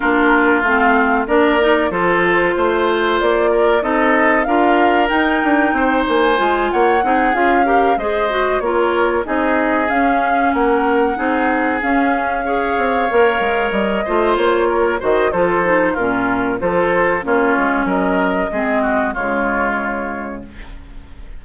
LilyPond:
<<
  \new Staff \with { instrumentName = "flute" } { \time 4/4 \tempo 4 = 94 ais'4 f''4 d''4 c''4~ | c''4 d''4 dis''4 f''4 | g''4. gis''4 fis''4 f''8~ | f''8 dis''4 cis''4 dis''4 f''8~ |
f''8 fis''2 f''4.~ | f''4. dis''4 cis''4 dis''8 | c''4 ais'4 c''4 cis''4 | dis''2 cis''2 | }
  \new Staff \with { instrumentName = "oboe" } { \time 4/4 f'2 ais'4 a'4 | c''4. ais'8 a'4 ais'4~ | ais'4 c''4. cis''8 gis'4 | ais'8 c''4 ais'4 gis'4.~ |
gis'8 ais'4 gis'2 cis''8~ | cis''2 c''4 ais'8 c''8 | a'4 f'4 a'4 f'4 | ais'4 gis'8 fis'8 f'2 | }
  \new Staff \with { instrumentName = "clarinet" } { \time 4/4 d'4 c'4 d'8 dis'8 f'4~ | f'2 dis'4 f'4 | dis'2 f'4 dis'8 f'8 | g'8 gis'8 fis'8 f'4 dis'4 cis'8~ |
cis'4. dis'4 cis'4 gis'8~ | gis'8 ais'4. f'4. fis'8 | f'8 dis'8 cis'4 f'4 cis'4~ | cis'4 c'4 gis2 | }
  \new Staff \with { instrumentName = "bassoon" } { \time 4/4 ais4 a4 ais4 f4 | a4 ais4 c'4 d'4 | dis'8 d'8 c'8 ais8 gis8 ais8 c'8 cis'8~ | cis'8 gis4 ais4 c'4 cis'8~ |
cis'8 ais4 c'4 cis'4. | c'8 ais8 gis8 g8 a8 ais4 dis8 | f4 ais,4 f4 ais8 gis8 | fis4 gis4 cis2 | }
>>